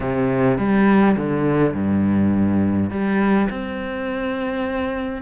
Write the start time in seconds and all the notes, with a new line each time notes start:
0.00 C3
0.57 G3
1.16 D3
1.74 G2
2.90 G3
3.49 C4